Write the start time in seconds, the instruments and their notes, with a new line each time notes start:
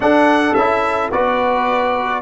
0.00 tuba D4, trombone D4, horn A4, trumpet F#5
0.54 tuba C#4, trombone E4, trumpet E5
1.11 tuba B3, trombone F#4, horn B4, trumpet D5